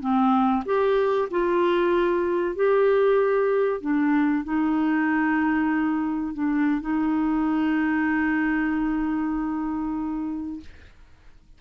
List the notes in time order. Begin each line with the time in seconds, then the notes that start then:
0.00 C4
0.65 G4
1.30 F4
2.55 G4
3.81 D4
4.44 D#4
6.33 D4
6.81 D#4